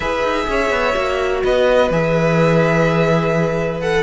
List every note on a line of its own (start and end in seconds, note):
0.00 0.22 E4
0.00 0.94 G#4
0.00 0.45 B4
0.00 1.43 E5
0.23 0.46 D#4
0.48 0.70 C#4
0.48 1.43 C#5
0.70 0.94 B3
0.94 1.43 A#3
0.94 1.89 F#4
1.43 1.90 B3
1.43 4.03 B4
1.43 1.91 D#5
1.90 4.03 E3
1.90 3.82 G#4
1.90 3.80 E5
3.80 4.03 A4
3.80 4.03 F#5